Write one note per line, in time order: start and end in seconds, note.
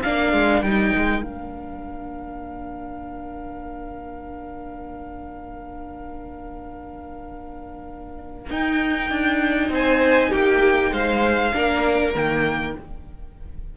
0.00 0.32 A#3
0.00 0.65 D4
0.00 9.70 A#4
0.00 0.62 F5
0.32 0.61 G#3
0.61 0.92 G3
0.61 1.23 D#4
0.61 1.22 G5
0.96 1.22 G#3
1.22 8.50 A#3
1.22 8.50 D4
1.22 8.49 F5
8.50 9.10 D#4
8.50 11.53 D#4
8.50 9.72 G5
9.10 9.69 D4
9.69 10.29 C4
9.69 10.29 C5
9.69 10.32 G#5
10.29 10.91 A#3
10.29 10.90 G4
10.29 10.93 G5
10.91 11.52 G#3
10.91 11.53 C5
10.91 12.14 F5
11.53 12.14 A#3
11.53 12.13 D4
11.53 12.76 A#4
12.14 12.75 D#3
12.14 12.75 A#3
12.14 12.77 G5